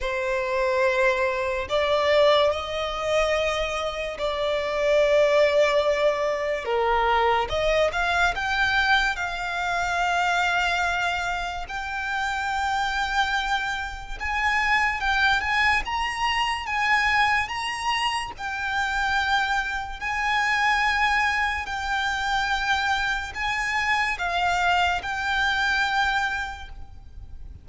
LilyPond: \new Staff \with { instrumentName = "violin" } { \time 4/4 \tempo 4 = 72 c''2 d''4 dis''4~ | dis''4 d''2. | ais'4 dis''8 f''8 g''4 f''4~ | f''2 g''2~ |
g''4 gis''4 g''8 gis''8 ais''4 | gis''4 ais''4 g''2 | gis''2 g''2 | gis''4 f''4 g''2 | }